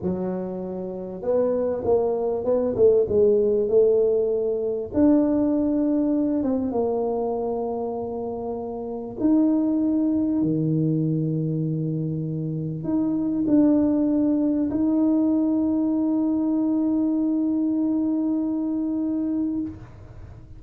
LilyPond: \new Staff \with { instrumentName = "tuba" } { \time 4/4 \tempo 4 = 98 fis2 b4 ais4 | b8 a8 gis4 a2 | d'2~ d'8 c'8 ais4~ | ais2. dis'4~ |
dis'4 dis2.~ | dis4 dis'4 d'2 | dis'1~ | dis'1 | }